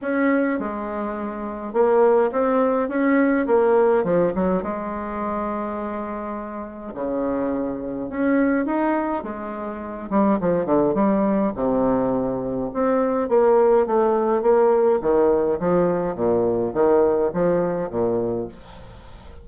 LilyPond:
\new Staff \with { instrumentName = "bassoon" } { \time 4/4 \tempo 4 = 104 cis'4 gis2 ais4 | c'4 cis'4 ais4 f8 fis8 | gis1 | cis2 cis'4 dis'4 |
gis4. g8 f8 d8 g4 | c2 c'4 ais4 | a4 ais4 dis4 f4 | ais,4 dis4 f4 ais,4 | }